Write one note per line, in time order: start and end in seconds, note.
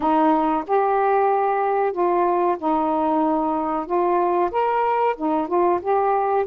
0.00 0.64 D#4
0.67 1.92 G4
1.92 2.56 F4
2.58 3.86 D#4
3.86 4.50 F4
4.51 5.15 A#4
5.16 5.47 D#4
5.47 5.79 F4
5.81 6.45 G4